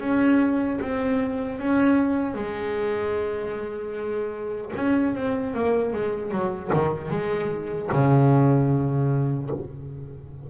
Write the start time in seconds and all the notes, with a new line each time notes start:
0.00 C#4
0.81 C4
1.59 C#4
2.34 G#3
4.75 C#4
5.14 C4
5.54 A#3
5.93 G#3
6.31 F#3
6.73 D#3
7.10 G#3
7.92 C#3